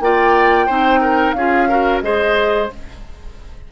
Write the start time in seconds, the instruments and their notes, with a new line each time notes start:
0.00 bassoon A#3, clarinet F4, oboe D5, flute G5
0.66 bassoon C4, clarinet D#4, oboe C5
1.01 oboe A#4
1.32 bassoon C#4, clarinet F4, oboe G#4, flute F5
1.69 clarinet F#4, oboe A#4
2.01 bassoon G#3, clarinet G#4, oboe C5, flute D#5